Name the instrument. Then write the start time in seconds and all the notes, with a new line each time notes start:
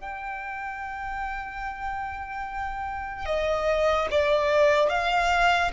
violin
0.00 G5
3.25 D#5
4.10 D5
4.89 F5